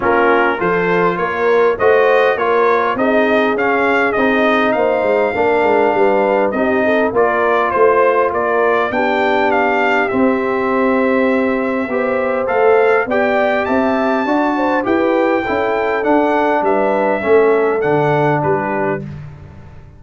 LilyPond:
<<
  \new Staff \with { instrumentName = "trumpet" } { \time 4/4 \tempo 4 = 101 ais'4 c''4 cis''4 dis''4 | cis''4 dis''4 f''4 dis''4 | f''2. dis''4 | d''4 c''4 d''4 g''4 |
f''4 e''2.~ | e''4 f''4 g''4 a''4~ | a''4 g''2 fis''4 | e''2 fis''4 b'4 | }
  \new Staff \with { instrumentName = "horn" } { \time 4/4 f'4 a'4 ais'4 c''4 | ais'4 gis'2. | c''4 ais'4 b'4 g'8 a'8 | ais'4 c''4 ais'4 g'4~ |
g'1 | c''2 d''4 e''4 | d''8 c''8 b'4 a'2 | b'4 a'2 g'4 | }
  \new Staff \with { instrumentName = "trombone" } { \time 4/4 cis'4 f'2 fis'4 | f'4 dis'4 cis'4 dis'4~ | dis'4 d'2 dis'4 | f'2. d'4~ |
d'4 c'2. | g'4 a'4 g'2 | fis'4 g'4 e'4 d'4~ | d'4 cis'4 d'2 | }
  \new Staff \with { instrumentName = "tuba" } { \time 4/4 ais4 f4 ais4 a4 | ais4 c'4 cis'4 c'4 | ais8 gis8 ais8 gis8 g4 c'4 | ais4 a4 ais4 b4~ |
b4 c'2. | b4 a4 b4 c'4 | d'4 e'4 cis'4 d'4 | g4 a4 d4 g4 | }
>>